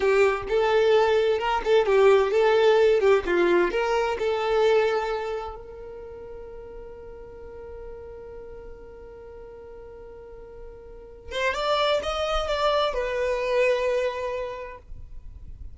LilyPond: \new Staff \with { instrumentName = "violin" } { \time 4/4 \tempo 4 = 130 g'4 a'2 ais'8 a'8 | g'4 a'4. g'8 f'4 | ais'4 a'2. | ais'1~ |
ais'1~ | ais'1~ | ais'8 c''8 d''4 dis''4 d''4 | b'1 | }